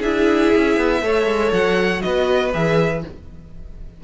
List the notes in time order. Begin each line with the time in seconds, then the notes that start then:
0.00 D4 E4 G#4 E5
0.56 C#4
0.78 B3
1.02 A3 A4 C#5
1.27 G#3
1.53 F#3 F#5
2.01 B3 F#4 B4 D#5
2.53 E3 G#4 E5